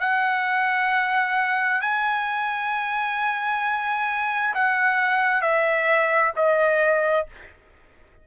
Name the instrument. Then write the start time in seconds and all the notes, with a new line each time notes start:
trumpet
0.00 F#5
1.81 G#5
4.54 F#5
5.41 E5
6.36 D#5